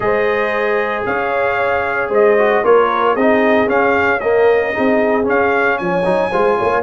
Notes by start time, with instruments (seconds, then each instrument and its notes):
0.00 tuba G#3, trombone G#4, horn C5, trumpet D#5
1.06 tuba C#4, horn C#5, trumpet F5
2.09 tuba G#3, horn C5, trumpet D#5
2.38 trombone F#4
2.64 tuba A#3, trombone F4, horn A#4, trumpet C#5
3.14 tuba C4, trombone D#4, horn G#4, trumpet D#5
3.67 trombone C#4, tuba C#4, trumpet F5
4.19 trombone A#3, horn A#4, trumpet D#5
4.73 tuba C4, trombone D#4, horn G#4
5.23 trombone C#4, tuba C#4, trumpet F5
5.77 tuba F3, horn C#5, trumpet G#5
6.04 tuba F#3, trombone D#4
6.30 tuba G#3, trombone F4, horn C5
6.57 tuba A#3, horn C#5